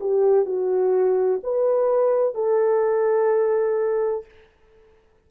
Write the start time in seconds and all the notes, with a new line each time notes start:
0.00 G4
0.45 F#4
1.43 B4
2.34 A4